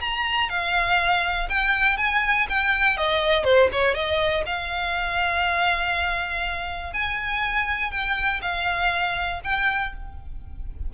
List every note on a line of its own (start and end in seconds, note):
0.00 0.49 A#5
0.49 1.48 F5
1.49 1.97 G5
1.97 2.47 G#5
2.49 2.97 G5
2.97 3.44 D#5
3.44 3.69 C5
3.71 3.94 C#5
3.94 4.44 D#5
4.45 6.93 F5
6.93 7.91 G#5
7.91 8.40 G5
8.41 9.41 F5
9.44 9.93 G5